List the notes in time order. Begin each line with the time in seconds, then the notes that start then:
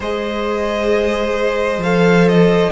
0.00 G#3 G#4 C5 D#5
1.77 F3 F5
1.84 A4
2.28 D#5